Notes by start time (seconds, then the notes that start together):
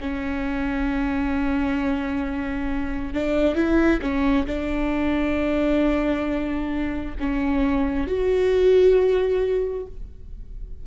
0.00 C#4
3.13 D4
3.55 E4
4.01 C#4
4.46 D4
7.20 C#4
8.07 F#4